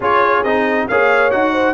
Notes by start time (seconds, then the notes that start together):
0.00 C#4 F4 G#4 C#5
0.43 C4 D#4 D#5
0.88 A#3 G#4 C#5 F5
1.31 D#4 F#4 F#5
1.52 C5